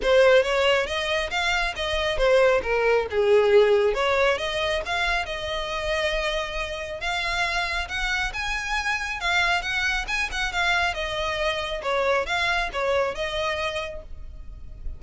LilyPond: \new Staff \with { instrumentName = "violin" } { \time 4/4 \tempo 4 = 137 c''4 cis''4 dis''4 f''4 | dis''4 c''4 ais'4 gis'4~ | gis'4 cis''4 dis''4 f''4 | dis''1 |
f''2 fis''4 gis''4~ | gis''4 f''4 fis''4 gis''8 fis''8 | f''4 dis''2 cis''4 | f''4 cis''4 dis''2 | }